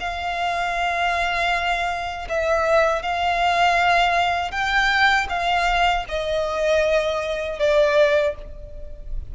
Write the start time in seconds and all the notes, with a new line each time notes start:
0.00 F5
2.29 E5
3.02 F5
4.51 G5
5.29 F5
6.08 D#5
7.59 D5